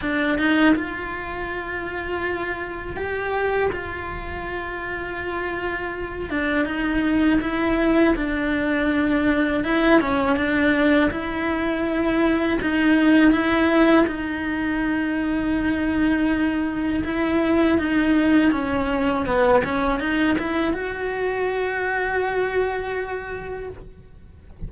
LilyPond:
\new Staff \with { instrumentName = "cello" } { \time 4/4 \tempo 4 = 81 d'8 dis'8 f'2. | g'4 f'2.~ | f'8 d'8 dis'4 e'4 d'4~ | d'4 e'8 cis'8 d'4 e'4~ |
e'4 dis'4 e'4 dis'4~ | dis'2. e'4 | dis'4 cis'4 b8 cis'8 dis'8 e'8 | fis'1 | }